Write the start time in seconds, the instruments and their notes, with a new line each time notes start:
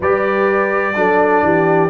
0.00 tuba G3, trombone G4, horn B4, trumpet D5
0.94 tuba F#3, trombone D4, horn A4
1.42 tuba E3, horn G4